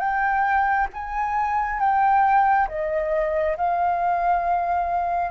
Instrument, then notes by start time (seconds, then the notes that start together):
flute
0.00 G5
0.94 G#5
1.80 G5
2.69 D#5
3.57 F5